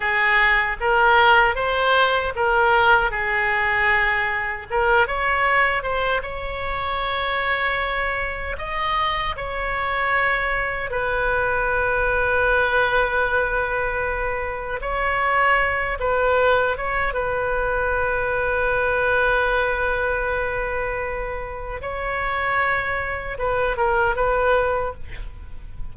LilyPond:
\new Staff \with { instrumentName = "oboe" } { \time 4/4 \tempo 4 = 77 gis'4 ais'4 c''4 ais'4 | gis'2 ais'8 cis''4 c''8 | cis''2. dis''4 | cis''2 b'2~ |
b'2. cis''4~ | cis''8 b'4 cis''8 b'2~ | b'1 | cis''2 b'8 ais'8 b'4 | }